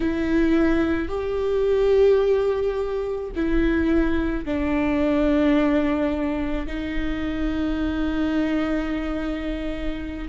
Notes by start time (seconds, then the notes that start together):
0.00 E4
1.08 G4
3.35 E4
4.45 D4
6.67 D#4